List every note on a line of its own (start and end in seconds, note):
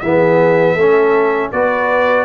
0.00 0.76 E3
0.00 0.78 B3
0.00 0.74 G#4
0.00 1.50 E5
0.74 1.51 A3
0.74 1.53 C#4
0.74 1.49 A4
1.51 2.25 B3
1.51 2.25 F#4
1.51 2.25 B4
1.51 2.25 D5